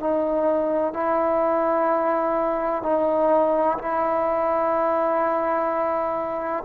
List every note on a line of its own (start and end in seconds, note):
0.00 0.94 D#4
0.94 2.83 E4
2.83 3.78 D#4
3.78 6.64 E4